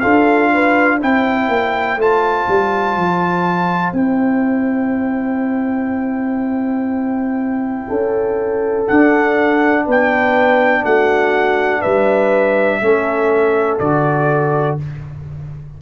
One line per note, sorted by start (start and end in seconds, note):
0.00 1.02 D4
0.00 1.00 F4
0.00 0.51 A4
0.00 0.98 F5
0.54 0.97 B4
0.97 1.48 C4
0.97 1.98 E4
0.97 7.85 C5
0.97 2.01 G5
1.48 1.97 A#3
1.97 2.46 A3
1.97 3.94 F4
1.97 3.93 A5
2.48 2.96 G3
2.96 3.93 F3
3.93 7.86 C4
3.93 8.86 E4
3.93 8.85 G5
7.88 8.88 C#4
7.88 9.85 A4
8.87 12.82 D4
8.87 9.87 D4
8.87 9.86 F#5
9.85 10.84 B3
9.85 10.84 B4
9.85 10.85 G5
10.84 11.82 A3
10.84 11.81 F#4
10.84 11.82 F#5
11.81 12.81 G3
11.81 12.79 B4
11.81 13.78 E5
12.81 13.79 A3
12.81 13.80 C#4
12.81 14.81 A4
13.79 14.78 D3
13.79 14.79 F#4
13.79 14.77 D5